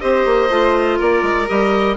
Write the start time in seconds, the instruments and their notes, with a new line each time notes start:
0.00 bassoon C4, clarinet G4, violin C5, oboe D#5
0.25 bassoon A#3
0.50 bassoon A3, clarinet F4
0.97 bassoon A#3, violin A#4, oboe D5
1.23 bassoon G#3
1.47 bassoon G3, clarinet G4, oboe D#5